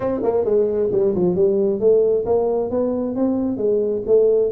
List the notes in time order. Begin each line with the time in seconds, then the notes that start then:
0.00 C4
0.22 A#3
0.44 G#3
0.91 G3
1.14 F3
1.35 G3
1.79 A3
2.25 A#3
2.70 B3
3.15 C4
3.57 G#3
4.07 A3